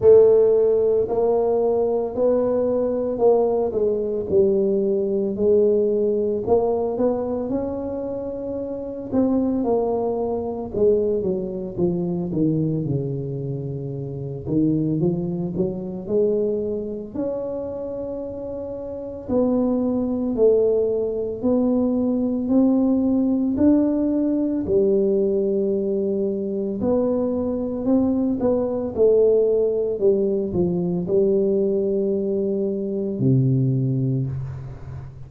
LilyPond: \new Staff \with { instrumentName = "tuba" } { \time 4/4 \tempo 4 = 56 a4 ais4 b4 ais8 gis8 | g4 gis4 ais8 b8 cis'4~ | cis'8 c'8 ais4 gis8 fis8 f8 dis8 | cis4. dis8 f8 fis8 gis4 |
cis'2 b4 a4 | b4 c'4 d'4 g4~ | g4 b4 c'8 b8 a4 | g8 f8 g2 c4 | }